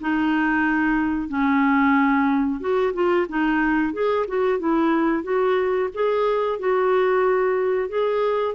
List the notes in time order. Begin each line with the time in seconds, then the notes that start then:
0.00 D#4
1.28 C#4
2.60 F#4
2.93 F4
3.28 D#4
3.93 G#4
4.27 F#4
4.59 E4
5.23 F#4
5.94 G#4
6.59 F#4
7.89 G#4